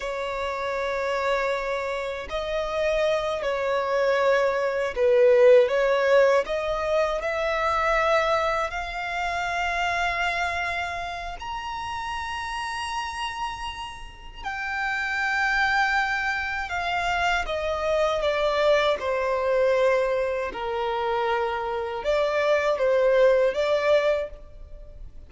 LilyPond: \new Staff \with { instrumentName = "violin" } { \time 4/4 \tempo 4 = 79 cis''2. dis''4~ | dis''8 cis''2 b'4 cis''8~ | cis''8 dis''4 e''2 f''8~ | f''2. ais''4~ |
ais''2. g''4~ | g''2 f''4 dis''4 | d''4 c''2 ais'4~ | ais'4 d''4 c''4 d''4 | }